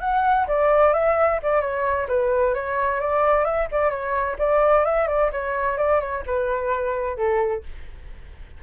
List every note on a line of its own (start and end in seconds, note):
0.00 0.46 F#5
0.47 0.93 D5
0.93 1.39 E5
1.42 1.61 D5
1.61 2.07 C#5
2.08 2.54 B4
2.54 3.00 C#5
3.00 3.44 D5
3.44 3.67 E5
3.71 3.90 D5
3.90 4.36 C#5
4.38 4.84 D5
4.85 5.07 E5
5.07 5.30 D5
5.32 5.77 C#5
5.77 6.00 D5
6.00 6.23 C#5
6.26 7.17 B4
7.17 7.63 A4